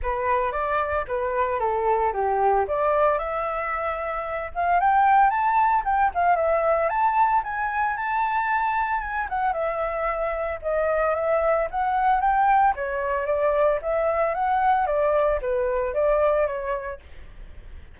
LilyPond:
\new Staff \with { instrumentName = "flute" } { \time 4/4 \tempo 4 = 113 b'4 d''4 b'4 a'4 | g'4 d''4 e''2~ | e''8 f''8 g''4 a''4 g''8 f''8 | e''4 a''4 gis''4 a''4~ |
a''4 gis''8 fis''8 e''2 | dis''4 e''4 fis''4 g''4 | cis''4 d''4 e''4 fis''4 | d''4 b'4 d''4 cis''4 | }